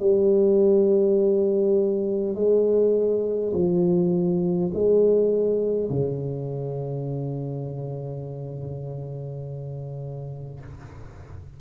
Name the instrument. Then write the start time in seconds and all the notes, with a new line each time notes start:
tuba
0.00 G3
2.35 G#3
3.53 F3
4.74 G#3
5.90 C#3